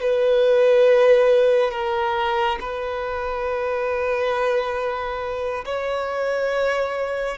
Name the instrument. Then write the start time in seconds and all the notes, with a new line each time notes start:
violin
0.00 B4
1.71 A#4
2.60 B4
5.65 C#5